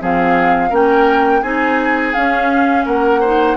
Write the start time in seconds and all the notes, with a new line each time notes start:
0.00 F3 C4 G#4 F5
0.70 A#3 C#4 A#4 G5
1.42 C4 D#4 G#4 G#5
2.14 C#4 F5
2.86 A#3 A#4 F#5
3.21 D#4 C5